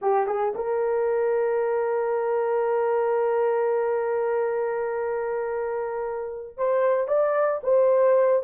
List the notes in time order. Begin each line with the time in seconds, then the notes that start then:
0.01 G4
0.27 G#4
0.55 A#4
6.57 C5
7.07 D5
7.63 C5